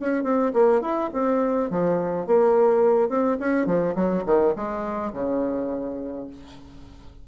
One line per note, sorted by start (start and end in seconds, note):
0.00 0.24 C#4
0.24 0.52 C4
0.54 0.82 A#3
0.82 1.10 E4
1.13 1.70 C4
1.70 2.26 F3
2.26 3.09 A#3
3.09 3.37 C4
3.40 3.66 C#4
3.66 3.95 F3
3.95 4.24 F#3
4.26 4.54 D#3
4.56 5.13 G#3
5.13 6.27 C#3